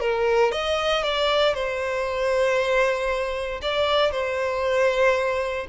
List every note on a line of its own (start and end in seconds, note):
0.00 0.52 A#4
0.52 1.03 D#5
1.03 1.54 D5
1.54 3.61 C5
3.62 4.11 D5
4.11 5.66 C5